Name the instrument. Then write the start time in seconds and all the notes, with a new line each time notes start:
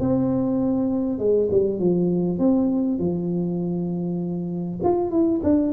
tuba
0.00 C4
1.19 G#3
1.51 G3
1.79 F3
2.39 C4
2.99 F3
4.84 F4
5.11 E4
5.44 D4